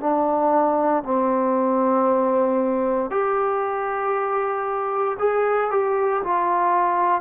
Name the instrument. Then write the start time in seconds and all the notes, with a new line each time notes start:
trombone
0.00 D4
1.03 C4
3.10 G4
5.19 G#4
5.71 G4
6.24 F4